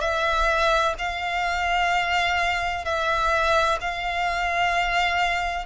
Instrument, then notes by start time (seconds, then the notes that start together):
violin
0.00 E5
0.98 F5
2.85 E5
3.81 F5